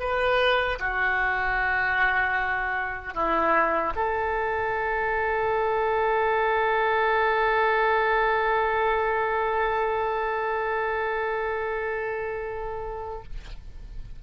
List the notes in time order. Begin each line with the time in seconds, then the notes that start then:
0.00 B4
0.80 F#4
3.15 E4
3.95 A4